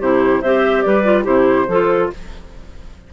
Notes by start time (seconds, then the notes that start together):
0.00 C3 E4 G4 C5
0.41 C4 G4 C5 E5
0.83 G3 B4 D5
1.04 F4
1.24 C3 E4 G4 C5
1.68 F3 F4 A4